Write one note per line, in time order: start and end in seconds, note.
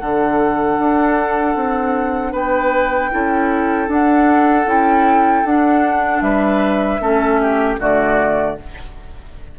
0.00 0.79 D3
0.00 3.11 D4
0.00 2.32 A4
0.00 2.34 F#5
0.79 1.55 D4
1.55 2.33 C4
2.32 3.11 B3
2.32 3.10 B4
2.32 3.91 G5
3.11 3.88 C#4
3.11 3.88 E4
3.11 6.24 A4
3.88 4.66 D4
3.88 4.69 F#5
4.66 5.44 C#4
4.66 5.44 E4
4.66 5.46 G5
5.45 6.21 D4
5.45 7.01 D4
5.45 6.21 F#5
6.21 6.99 G3
6.21 7.01 B4
6.21 7.77 E5
7.00 7.78 A3
7.00 7.79 C#4
7.00 7.40 A4
7.41 7.80 G4
7.79 8.57 D3
7.79 8.57 A3
7.79 8.58 F#4
7.79 8.59 D5